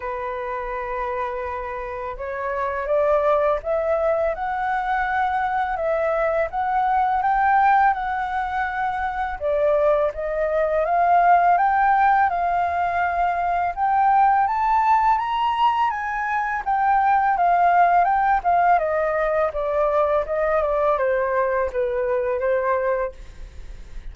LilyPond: \new Staff \with { instrumentName = "flute" } { \time 4/4 \tempo 4 = 83 b'2. cis''4 | d''4 e''4 fis''2 | e''4 fis''4 g''4 fis''4~ | fis''4 d''4 dis''4 f''4 |
g''4 f''2 g''4 | a''4 ais''4 gis''4 g''4 | f''4 g''8 f''8 dis''4 d''4 | dis''8 d''8 c''4 b'4 c''4 | }